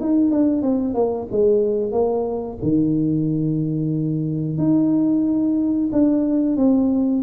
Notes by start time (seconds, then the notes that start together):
0.00 D#4
0.31 D4
0.62 C4
0.94 A#3
1.31 G#3
1.92 A#3
2.62 D#3
4.58 D#4
5.92 D4
6.56 C4